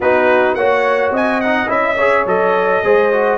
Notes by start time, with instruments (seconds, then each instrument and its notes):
0.00 tuba B3, trombone D#4, horn F#4, trumpet B4
0.54 tuba A#3, trombone F#4, horn C#5, trumpet F#5
1.11 tuba C4, horn D#5, trumpet G#5
1.41 trombone D#4, trumpet F#5
1.67 tuba C#4, trombone E4, trumpet E5
1.97 trombone G#4, horn C#5
2.25 tuba F#3, trombone A4, trumpet D#5
2.83 tuba G#3, trombone G#4, horn C5
3.12 trombone F#4